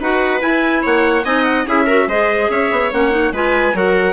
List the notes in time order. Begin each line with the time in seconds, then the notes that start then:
0.00 D#4 F#4 B4 F#5
0.40 E4 G#5
0.83 A#3 C#5 F#5
1.24 C4 D#4 D#5 G#5
1.44 F#5
1.66 C#4 E4 G#4 E5
1.86 F#4 A#4
2.07 G#3 G#4 C5 D#5
2.50 C#4 C#5 E5
2.72 B3
2.92 A#3 C#4 F#5
3.11 D#4
3.32 G#3 F4 B4 G#5
3.74 F#3 F#4 A#4 F#5